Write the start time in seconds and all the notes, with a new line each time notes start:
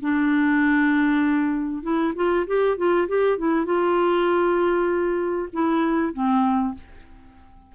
0.00 D4
1.82 E4
2.15 F4
2.46 G4
2.77 F4
3.08 G4
3.38 E4
3.65 F4
5.52 E4
6.13 C4